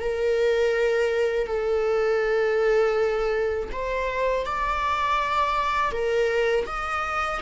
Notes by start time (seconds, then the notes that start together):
0.00 A#4
1.47 A4
3.72 C5
4.46 D5
5.92 A#4
6.66 D#5